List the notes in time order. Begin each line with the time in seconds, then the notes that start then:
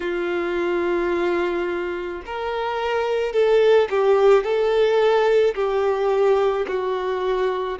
0.00 F4
2.25 A#4
3.32 A4
3.89 G4
4.43 A4
5.55 G4
6.67 F#4